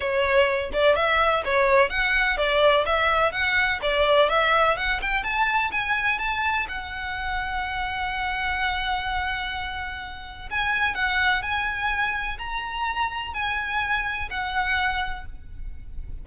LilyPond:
\new Staff \with { instrumentName = "violin" } { \time 4/4 \tempo 4 = 126 cis''4. d''8 e''4 cis''4 | fis''4 d''4 e''4 fis''4 | d''4 e''4 fis''8 g''8 a''4 | gis''4 a''4 fis''2~ |
fis''1~ | fis''2 gis''4 fis''4 | gis''2 ais''2 | gis''2 fis''2 | }